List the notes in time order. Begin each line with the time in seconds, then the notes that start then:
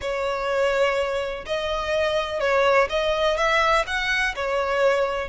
0.01 C#5
1.46 D#5
2.40 C#5
2.89 D#5
3.37 E5
3.86 F#5
4.35 C#5